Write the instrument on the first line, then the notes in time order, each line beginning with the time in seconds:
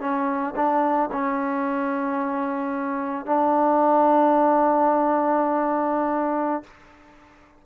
trombone
0.00 C#4
0.56 D4
1.12 C#4
3.26 D4